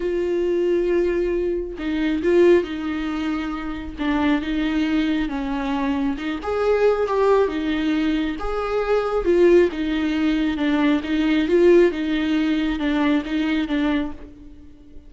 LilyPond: \new Staff \with { instrumentName = "viola" } { \time 4/4 \tempo 4 = 136 f'1 | dis'4 f'4 dis'2~ | dis'4 d'4 dis'2 | cis'2 dis'8 gis'4. |
g'4 dis'2 gis'4~ | gis'4 f'4 dis'2 | d'4 dis'4 f'4 dis'4~ | dis'4 d'4 dis'4 d'4 | }